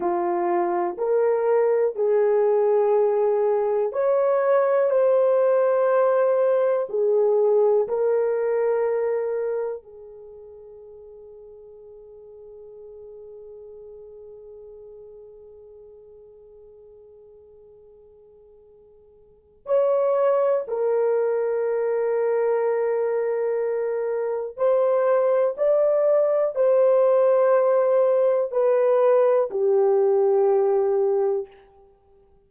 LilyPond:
\new Staff \with { instrumentName = "horn" } { \time 4/4 \tempo 4 = 61 f'4 ais'4 gis'2 | cis''4 c''2 gis'4 | ais'2 gis'2~ | gis'1~ |
gis'1 | cis''4 ais'2.~ | ais'4 c''4 d''4 c''4~ | c''4 b'4 g'2 | }